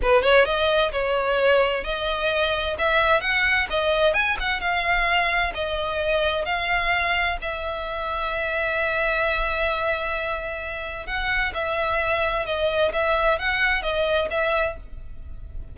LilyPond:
\new Staff \with { instrumentName = "violin" } { \time 4/4 \tempo 4 = 130 b'8 cis''8 dis''4 cis''2 | dis''2 e''4 fis''4 | dis''4 gis''8 fis''8 f''2 | dis''2 f''2 |
e''1~ | e''1 | fis''4 e''2 dis''4 | e''4 fis''4 dis''4 e''4 | }